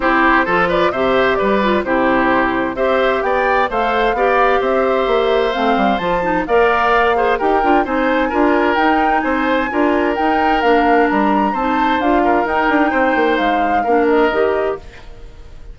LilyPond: <<
  \new Staff \with { instrumentName = "flute" } { \time 4/4 \tempo 4 = 130 c''4. d''8 e''4 d''4 | c''2 e''4 g''4 | f''2 e''2 | f''4 a''4 f''2 |
g''4 gis''2 g''4 | gis''2 g''4 f''4 | ais''4 a''4 f''4 g''4~ | g''4 f''4. dis''4. | }
  \new Staff \with { instrumentName = "oboe" } { \time 4/4 g'4 a'8 b'8 c''4 b'4 | g'2 c''4 d''4 | c''4 d''4 c''2~ | c''2 d''4. c''8 |
ais'4 c''4 ais'2 | c''4 ais'2.~ | ais'4 c''4. ais'4. | c''2 ais'2 | }
  \new Staff \with { instrumentName = "clarinet" } { \time 4/4 e'4 f'4 g'4. f'8 | e'2 g'2 | a'4 g'2. | c'4 f'8 dis'8 ais'4. gis'8 |
g'8 f'8 dis'4 f'4 dis'4~ | dis'4 f'4 dis'4 d'4~ | d'4 dis'4 f'4 dis'4~ | dis'2 d'4 g'4 | }
  \new Staff \with { instrumentName = "bassoon" } { \time 4/4 c'4 f4 c4 g4 | c2 c'4 b4 | a4 b4 c'4 ais4 | a8 g8 f4 ais2 |
dis'8 d'8 c'4 d'4 dis'4 | c'4 d'4 dis'4 ais4 | g4 c'4 d'4 dis'8 d'8 | c'8 ais8 gis4 ais4 dis4 | }
>>